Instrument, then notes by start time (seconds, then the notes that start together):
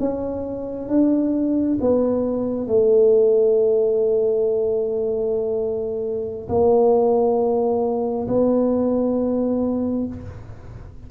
tuba
0.00 C#4
0.89 D4
1.81 B3
2.68 A3
6.49 A#3
8.28 B3